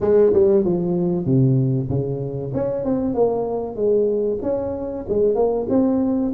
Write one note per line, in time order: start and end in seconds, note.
0.00 0.32 G#3
0.33 0.64 G3
0.64 1.25 F3
1.25 1.88 C3
1.89 2.52 C#3
2.54 2.84 C#4
2.84 3.14 C4
3.14 3.76 A#3
3.76 4.39 G#3
4.42 5.05 C#4
5.08 5.35 G#3
5.35 5.67 A#3
5.69 6.32 C4